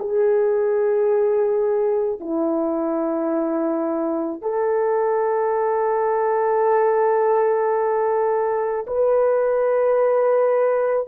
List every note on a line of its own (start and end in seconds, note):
0.00 2.21 G#4
2.21 4.42 E4
4.42 8.87 A4
8.87 11.08 B4